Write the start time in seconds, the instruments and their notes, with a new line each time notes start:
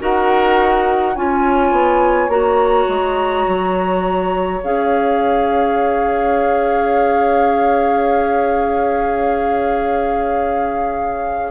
0.00 bassoon D#4, clarinet F#4, oboe A#4, flute F#5
1.15 bassoon C#4, clarinet F4, oboe C#5, flute G#5
1.72 bassoon B3
2.28 bassoon A#3, clarinet F#4, flute A#5
2.89 bassoon G#3
3.48 bassoon F#3
4.64 bassoon C#4, clarinet G#4, flute F5